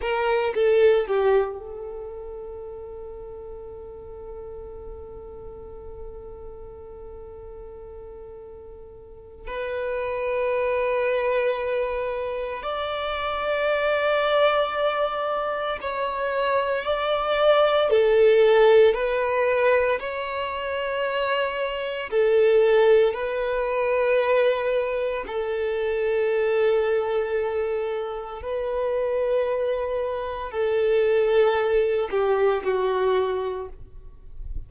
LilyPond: \new Staff \with { instrumentName = "violin" } { \time 4/4 \tempo 4 = 57 ais'8 a'8 g'8 a'2~ a'8~ | a'1~ | a'4 b'2. | d''2. cis''4 |
d''4 a'4 b'4 cis''4~ | cis''4 a'4 b'2 | a'2. b'4~ | b'4 a'4. g'8 fis'4 | }